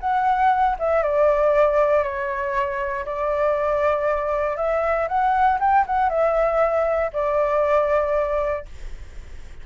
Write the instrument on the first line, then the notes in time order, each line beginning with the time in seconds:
flute
0.00 F#5
0.79 E5
1.03 D5
2.03 C#5
3.05 D5
4.57 E5
5.08 F#5
5.60 G5
5.86 F#5
6.09 E5
7.13 D5